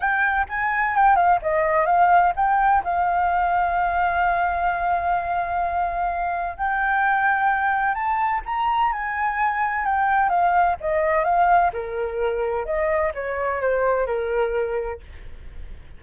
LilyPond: \new Staff \with { instrumentName = "flute" } { \time 4/4 \tempo 4 = 128 g''4 gis''4 g''8 f''8 dis''4 | f''4 g''4 f''2~ | f''1~ | f''2 g''2~ |
g''4 a''4 ais''4 gis''4~ | gis''4 g''4 f''4 dis''4 | f''4 ais'2 dis''4 | cis''4 c''4 ais'2 | }